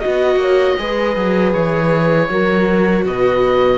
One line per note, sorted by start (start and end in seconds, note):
0.00 0.36 B3
0.00 0.77 F#4
0.00 1.52 D#5
0.00 0.38 D#5
0.36 0.74 A#3
0.36 0.78 C#5
0.77 1.16 G#3
0.77 2.29 G#4
0.77 2.31 B4
1.16 1.54 F#3
1.53 2.29 E3
1.53 3.04 C#5
2.29 3.05 F#3
2.29 3.78 F#4
2.29 3.06 A#4
3.06 3.78 B2
3.06 3.78 B4
3.06 3.78 D#5